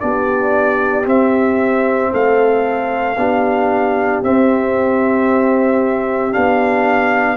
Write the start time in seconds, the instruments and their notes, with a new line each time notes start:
0.00 tuba B3, trombone D4, horn G4, trumpet D5
1.05 trombone C4, tuba C4, trumpet E5
2.11 tuba A3, horn A4, trumpet F5
3.17 tuba B3, trombone D4, horn G4
4.23 trombone C4, tuba C4, trumpet E5
6.32 tuba B3, trombone D4, trumpet F5